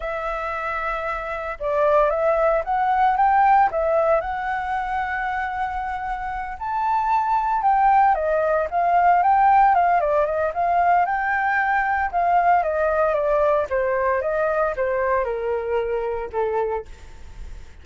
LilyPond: \new Staff \with { instrumentName = "flute" } { \time 4/4 \tempo 4 = 114 e''2. d''4 | e''4 fis''4 g''4 e''4 | fis''1~ | fis''8 a''2 g''4 dis''8~ |
dis''8 f''4 g''4 f''8 d''8 dis''8 | f''4 g''2 f''4 | dis''4 d''4 c''4 dis''4 | c''4 ais'2 a'4 | }